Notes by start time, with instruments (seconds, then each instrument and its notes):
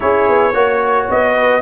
0.00 tuba C#4, trombone E4, horn G#4, trumpet C#5
0.28 tuba B3
0.51 tuba A#3, trombone F#4, horn C#5
1.09 tuba B3, trumpet D#5
1.34 horn B4